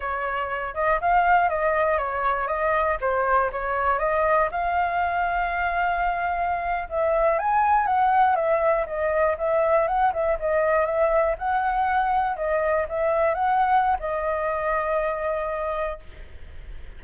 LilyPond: \new Staff \with { instrumentName = "flute" } { \time 4/4 \tempo 4 = 120 cis''4. dis''8 f''4 dis''4 | cis''4 dis''4 c''4 cis''4 | dis''4 f''2.~ | f''4.~ f''16 e''4 gis''4 fis''16~ |
fis''8. e''4 dis''4 e''4 fis''16~ | fis''16 e''8 dis''4 e''4 fis''4~ fis''16~ | fis''8. dis''4 e''4 fis''4~ fis''16 | dis''1 | }